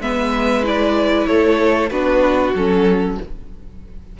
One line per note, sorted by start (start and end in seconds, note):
0.00 1.26 G#3
0.00 0.63 B3
0.00 1.27 B4
0.00 0.64 E5
0.63 1.89 E4
0.63 1.26 D5
1.26 1.90 A3
1.26 1.90 A4
1.26 1.89 C#5
1.89 2.53 B3
1.89 2.55 D4
1.89 3.17 F#4
1.89 2.52 B4
2.54 3.17 F#3
2.54 3.19 C#4
2.54 3.19 A4